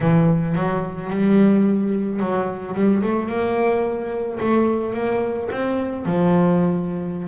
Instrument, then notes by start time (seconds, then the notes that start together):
double bass
0.01 E3
0.55 F#3
1.09 G3
2.19 F#3
2.74 G3
3.02 A3
3.28 A#3
4.40 A3
4.93 A#3
5.51 C4
6.05 F3